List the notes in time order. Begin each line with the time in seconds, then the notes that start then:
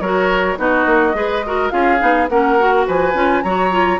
0.00 F#3 F#4 A#4 C#5
0.57 B3 D#4 F#4 D#5
0.85 A#3
1.13 G#3 G#4 B4
1.46 F#4 A#4
1.70 C#4 F4 G#4 F5
1.99 B3 D#4
2.29 A#3 C#4 A#4 F#5
2.59 F#4
2.87 F3 B4 G#5
3.14 C#4 F4
3.42 F#3 F#4 C#5 A#5
3.71 F4